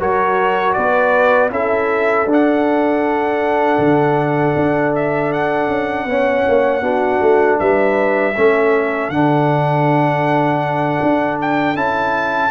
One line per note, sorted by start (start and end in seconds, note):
0.00 0.76 F#3
0.00 1.51 F#4
0.00 0.76 A#4
0.00 0.73 C#5
0.73 1.50 B3
0.73 1.52 B4
0.73 1.49 D5
1.50 2.25 C#4
1.50 2.27 E4
1.50 6.08 A4
1.50 2.29 E5
2.25 3.77 D4
2.25 6.09 D4
2.33 4.95 F#5
3.78 4.54 D3
4.56 5.68 D4
4.95 5.32 E5
5.32 7.59 F#5
5.68 6.05 C#4
6.05 6.43 B3
6.05 6.82 C#4
6.05 6.82 C#5
6.48 6.82 A#3
6.82 7.20 B3
6.82 8.34 D4
6.82 7.58 F#4
7.21 7.59 A3
7.59 8.36 G3
7.59 8.35 B4
7.59 9.10 E5
8.35 9.09 A3
8.35 9.12 C#4
8.35 12.50 A4
9.09 10.99 D3
9.09 11.76 D4
9.09 11.38 F#5
11.02 11.75 D4
11.41 11.76 G5
11.75 12.50 C#4
11.75 12.50 E4
11.75 12.50 A5